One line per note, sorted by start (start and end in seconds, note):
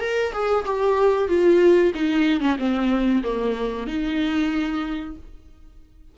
0.00 0.32 A#4
0.33 0.65 G#4
0.65 1.28 G4
1.28 1.93 F4
1.94 2.41 D#4
2.41 2.57 C#4
2.59 3.23 C4
3.23 3.87 A#3
3.87 5.16 D#4